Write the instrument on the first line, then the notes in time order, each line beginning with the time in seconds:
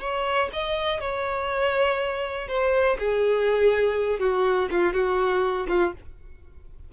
violin
0.00 C#5
0.52 D#5
1.00 C#5
2.47 C5
2.98 G#4
4.19 F#4
4.70 F4
4.93 F#4
5.68 F4